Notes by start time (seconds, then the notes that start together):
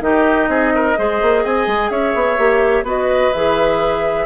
0.00 D#3 D#4 G4 D#5
0.47 C4 G#4
0.75 A#4
0.96 G#3 G#4 C5
1.21 A#3
1.43 C4 D#5 G#5
1.66 G#3
1.90 C#4 C#5 E5
2.15 B3
2.37 A#3 G4
2.83 B3 F#4 B4 D#5
3.33 E3 G#4 E5